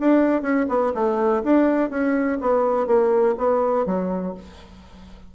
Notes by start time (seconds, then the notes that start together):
0.00 D4
0.42 C#4
0.69 B3
0.95 A3
1.44 D4
1.90 C#4
2.41 B3
2.87 A#3
3.38 B3
3.86 F#3